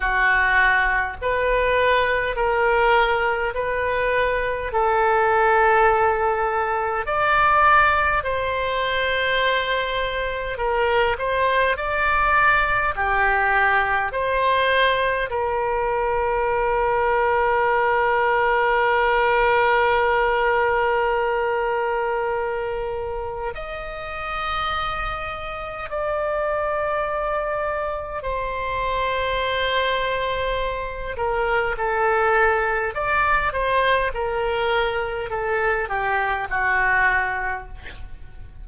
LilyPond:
\new Staff \with { instrumentName = "oboe" } { \time 4/4 \tempo 4 = 51 fis'4 b'4 ais'4 b'4 | a'2 d''4 c''4~ | c''4 ais'8 c''8 d''4 g'4 | c''4 ais'2.~ |
ais'1 | dis''2 d''2 | c''2~ c''8 ais'8 a'4 | d''8 c''8 ais'4 a'8 g'8 fis'4 | }